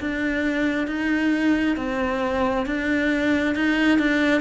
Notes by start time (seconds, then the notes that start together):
0.00 D4
0.87 D#4
1.76 C4
2.66 D4
3.55 D#4
3.99 D4